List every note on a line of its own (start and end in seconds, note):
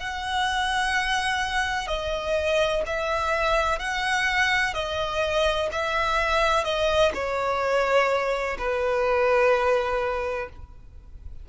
0.00 1.87 F#5
1.87 2.83 D#5
2.86 3.79 E5
3.79 4.74 F#5
4.74 5.69 D#5
5.72 6.64 E5
6.64 7.12 D#5
7.14 8.57 C#5
8.58 10.49 B4